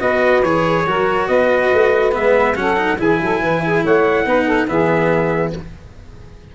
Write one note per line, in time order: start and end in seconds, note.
0.00 0.43 B3
0.00 0.43 F#4
0.00 0.85 B4
0.00 0.43 D#5
0.43 0.86 E3
0.43 0.87 G#4
0.43 1.28 C#5
0.86 1.29 F#3
0.86 2.12 F#4
0.86 1.29 A#4
1.28 1.71 B3
1.28 2.57 B4
1.28 2.13 D#5
1.73 2.16 A3
2.12 2.55 G#3
2.12 2.55 B3
2.12 2.56 E5
2.55 2.98 F#3
2.55 2.77 C#4
2.55 2.99 A4
2.55 2.98 F#5
2.77 2.98 D#4
2.99 3.20 E3
2.99 4.26 E4
2.99 3.20 G#4
2.99 3.86 G#5
3.21 3.41 F#3
3.21 3.42 A4
3.41 3.83 E3
3.41 3.63 B4
3.65 3.83 G#4
3.83 4.26 A3
3.83 4.26 C#5
3.83 4.68 F#5
4.26 4.68 B3
4.26 4.68 D#4
4.26 4.46 B4
4.46 4.67 A4
4.68 5.54 E3
4.68 5.53 B3
4.68 5.55 G#4
4.68 5.53 E5